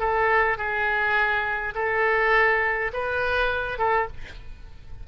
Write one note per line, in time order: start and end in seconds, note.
0.00 0.58 A4
0.58 1.74 G#4
1.75 2.92 A4
2.93 3.78 B4
3.78 4.08 A4